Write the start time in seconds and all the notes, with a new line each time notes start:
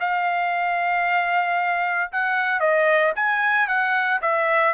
0.00 F5
2.12 F#5
2.60 D#5
3.15 G#5
3.67 F#5
4.21 E5